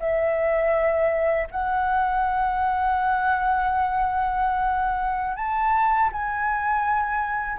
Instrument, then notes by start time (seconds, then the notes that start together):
flute
0.00 E5
1.51 F#5
5.36 A5
6.12 G#5